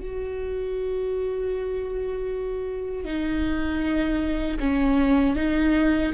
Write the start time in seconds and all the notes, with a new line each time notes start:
0.00 F#4
3.04 D#4
4.59 C#4
5.36 D#4